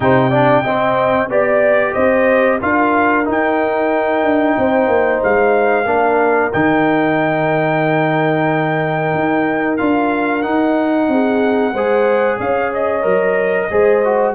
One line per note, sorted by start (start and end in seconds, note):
0.00 0.64 C3
0.00 0.31 D#4
0.00 0.29 C5
0.00 1.30 G5
0.29 0.64 D4
0.29 0.62 D5
0.63 1.29 C4
0.63 1.28 D#5
1.29 1.94 B3
1.29 2.60 G4
1.29 1.94 D5
1.29 1.93 D5
1.93 2.61 C4
1.93 2.59 C5
1.93 2.58 D#5
2.61 3.27 D4
2.61 3.24 F4
2.61 4.58 A#4
2.61 3.27 F5
3.24 5.85 D#4
3.24 4.23 D#4
3.30 5.23 G5
4.23 4.56 D4
4.57 4.87 C4
4.57 5.88 C5
4.87 5.20 A#3
5.23 5.85 G#3
5.23 6.53 F5
5.85 6.50 A#3
5.85 6.52 D4
5.85 11.10 A#4
6.53 9.14 D#3
6.53 9.78 D#4
6.53 9.77 G5
9.14 9.79 D#4
9.77 10.44 D4
9.77 10.43 F4
9.77 10.42 F5
10.42 11.73 D#4
10.42 11.08 D#4
10.42 12.37 F#5
11.08 11.73 C4
11.08 11.72 G#4
11.72 12.39 G#3
11.72 13.02 G#4
11.72 12.37 C5
12.37 13.04 C#4
12.37 13.68 C#5
12.37 12.72 F5
12.74 14.34 D#5
13.02 13.70 F#3
13.02 13.67 A#4
13.69 14.34 G#3
13.69 14.02 G#4
13.69 14.34 C5
14.04 14.34 F#4